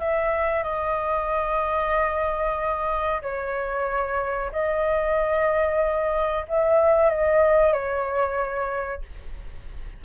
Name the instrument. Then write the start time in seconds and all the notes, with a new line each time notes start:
flute
0.00 E5
0.64 D#5
3.23 C#5
4.52 D#5
6.48 E5
7.11 D#5
7.73 C#5